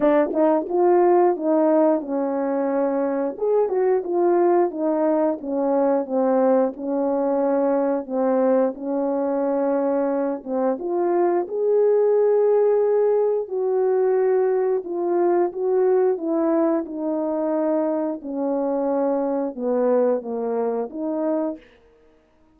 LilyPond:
\new Staff \with { instrumentName = "horn" } { \time 4/4 \tempo 4 = 89 d'8 dis'8 f'4 dis'4 cis'4~ | cis'4 gis'8 fis'8 f'4 dis'4 | cis'4 c'4 cis'2 | c'4 cis'2~ cis'8 c'8 |
f'4 gis'2. | fis'2 f'4 fis'4 | e'4 dis'2 cis'4~ | cis'4 b4 ais4 dis'4 | }